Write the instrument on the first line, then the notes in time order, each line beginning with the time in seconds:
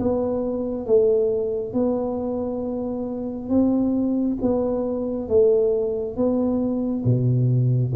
tuba
0.00 B3
0.87 A3
1.73 B3
3.50 C4
4.42 B3
5.29 A3
6.17 B3
7.05 B2